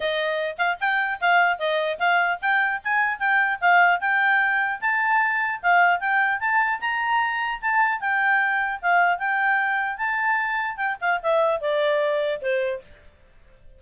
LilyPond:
\new Staff \with { instrumentName = "clarinet" } { \time 4/4 \tempo 4 = 150 dis''4. f''8 g''4 f''4 | dis''4 f''4 g''4 gis''4 | g''4 f''4 g''2 | a''2 f''4 g''4 |
a''4 ais''2 a''4 | g''2 f''4 g''4~ | g''4 a''2 g''8 f''8 | e''4 d''2 c''4 | }